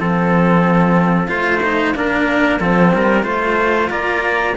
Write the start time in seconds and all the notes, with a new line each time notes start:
0.00 F3 C4 A4 F5
1.28 A3 F4 C5
1.63 D#4
1.95 A#3 D4 A#4
2.60 F3 C4 A4
2.94 G3 A#4
3.23 A3 F4 C5
3.90 A#3 D5 A#5